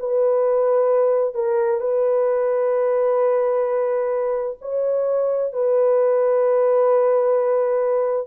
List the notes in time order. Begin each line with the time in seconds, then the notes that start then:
0.00 B4
1.35 A#4
1.81 B4
4.62 C#5
5.53 B4